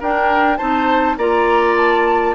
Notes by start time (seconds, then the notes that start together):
0.00 D4 A#4 G5
0.57 C4 D#4 C5 A5
1.17 A#3 F4 D5 A#5
1.76 A5